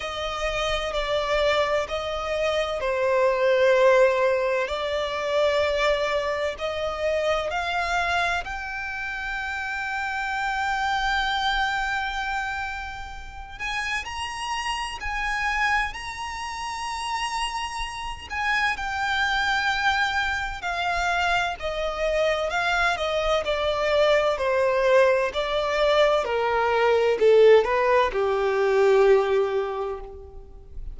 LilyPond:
\new Staff \with { instrumentName = "violin" } { \time 4/4 \tempo 4 = 64 dis''4 d''4 dis''4 c''4~ | c''4 d''2 dis''4 | f''4 g''2.~ | g''2~ g''8 gis''8 ais''4 |
gis''4 ais''2~ ais''8 gis''8 | g''2 f''4 dis''4 | f''8 dis''8 d''4 c''4 d''4 | ais'4 a'8 b'8 g'2 | }